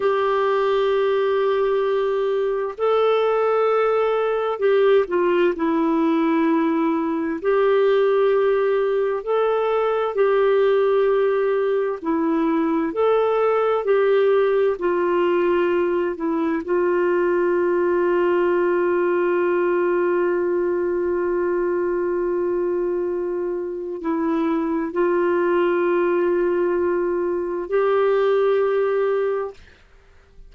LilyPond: \new Staff \with { instrumentName = "clarinet" } { \time 4/4 \tempo 4 = 65 g'2. a'4~ | a'4 g'8 f'8 e'2 | g'2 a'4 g'4~ | g'4 e'4 a'4 g'4 |
f'4. e'8 f'2~ | f'1~ | f'2 e'4 f'4~ | f'2 g'2 | }